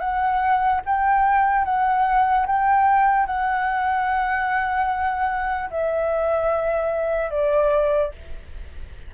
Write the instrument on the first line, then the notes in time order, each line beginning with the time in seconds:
flute
0.00 F#5
0.86 G5
1.65 F#5
2.46 G5
3.27 F#5
5.70 E5
7.30 D5